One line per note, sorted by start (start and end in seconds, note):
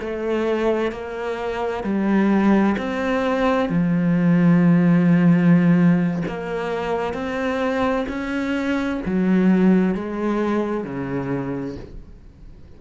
0.00 0.91 A3
0.91 1.84 A#3
1.84 2.76 G3
2.77 3.69 C4
3.69 6.23 F3
6.28 7.14 A#3
7.14 8.06 C4
8.09 9.01 C#4
9.06 9.95 F#3
9.95 10.84 G#3
10.84 11.76 C#3